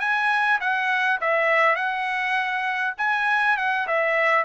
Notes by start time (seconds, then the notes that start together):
0.00 G#5
0.60 F#5
1.21 E5
1.76 F#5
2.98 G#5
3.57 F#5
3.87 E5